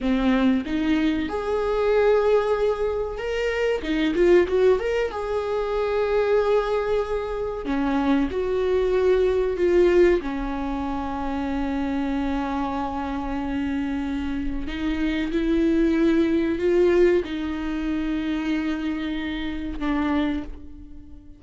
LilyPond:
\new Staff \with { instrumentName = "viola" } { \time 4/4 \tempo 4 = 94 c'4 dis'4 gis'2~ | gis'4 ais'4 dis'8 f'8 fis'8 ais'8 | gis'1 | cis'4 fis'2 f'4 |
cis'1~ | cis'2. dis'4 | e'2 f'4 dis'4~ | dis'2. d'4 | }